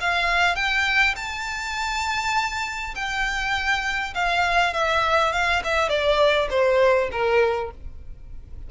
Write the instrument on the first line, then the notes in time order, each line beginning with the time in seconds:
violin
0.00 F5
0.55 G5
1.16 A5
2.95 G5
4.14 F5
4.73 E5
5.32 F5
5.64 E5
5.89 D5
6.50 C5
7.11 A#4